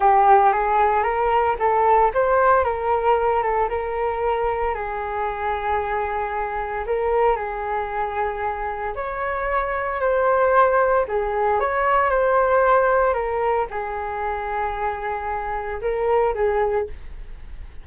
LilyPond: \new Staff \with { instrumentName = "flute" } { \time 4/4 \tempo 4 = 114 g'4 gis'4 ais'4 a'4 | c''4 ais'4. a'8 ais'4~ | ais'4 gis'2.~ | gis'4 ais'4 gis'2~ |
gis'4 cis''2 c''4~ | c''4 gis'4 cis''4 c''4~ | c''4 ais'4 gis'2~ | gis'2 ais'4 gis'4 | }